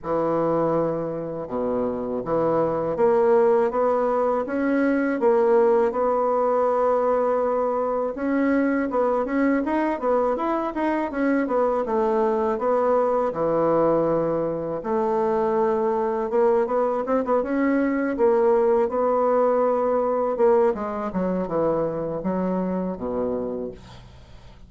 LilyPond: \new Staff \with { instrumentName = "bassoon" } { \time 4/4 \tempo 4 = 81 e2 b,4 e4 | ais4 b4 cis'4 ais4 | b2. cis'4 | b8 cis'8 dis'8 b8 e'8 dis'8 cis'8 b8 |
a4 b4 e2 | a2 ais8 b8 c'16 b16 cis'8~ | cis'8 ais4 b2 ais8 | gis8 fis8 e4 fis4 b,4 | }